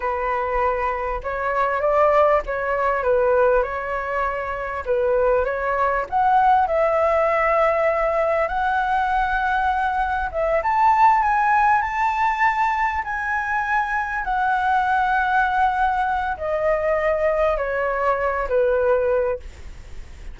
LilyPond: \new Staff \with { instrumentName = "flute" } { \time 4/4 \tempo 4 = 99 b'2 cis''4 d''4 | cis''4 b'4 cis''2 | b'4 cis''4 fis''4 e''4~ | e''2 fis''2~ |
fis''4 e''8 a''4 gis''4 a''8~ | a''4. gis''2 fis''8~ | fis''2. dis''4~ | dis''4 cis''4. b'4. | }